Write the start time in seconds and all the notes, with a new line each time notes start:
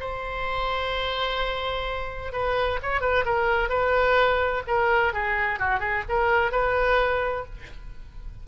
0.00 C5
2.32 B4
2.82 C#5
3.01 B4
3.25 A#4
3.69 B4
4.67 A#4
5.13 G#4
5.59 F#4
5.80 G#4
6.09 A#4
6.52 B4